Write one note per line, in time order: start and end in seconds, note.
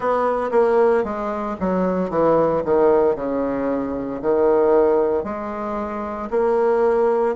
0.00 0.50 B3
0.51 1.03 A#3
1.03 1.56 G#3
1.59 2.10 F#3
2.10 2.62 E3
2.64 3.15 D#3
3.15 4.21 C#3
4.21 5.23 D#3
5.23 6.29 G#3
6.30 7.35 A#3